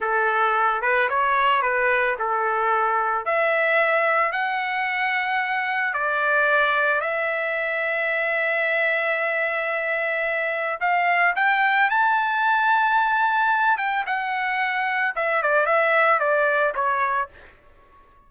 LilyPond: \new Staff \with { instrumentName = "trumpet" } { \time 4/4 \tempo 4 = 111 a'4. b'8 cis''4 b'4 | a'2 e''2 | fis''2. d''4~ | d''4 e''2.~ |
e''1 | f''4 g''4 a''2~ | a''4. g''8 fis''2 | e''8 d''8 e''4 d''4 cis''4 | }